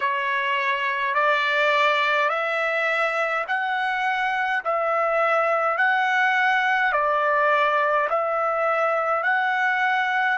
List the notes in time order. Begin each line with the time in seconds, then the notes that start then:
0.00 C#5
1.14 D5
2.29 E5
3.47 F#5
4.64 E5
5.77 F#5
6.92 D5
8.09 E5
9.23 F#5